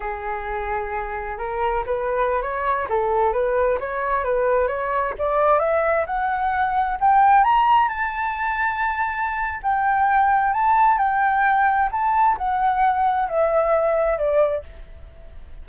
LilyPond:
\new Staff \with { instrumentName = "flute" } { \time 4/4 \tempo 4 = 131 gis'2. ais'4 | b'4~ b'16 cis''4 a'4 b'8.~ | b'16 cis''4 b'4 cis''4 d''8.~ | d''16 e''4 fis''2 g''8.~ |
g''16 ais''4 a''2~ a''8.~ | a''4 g''2 a''4 | g''2 a''4 fis''4~ | fis''4 e''2 d''4 | }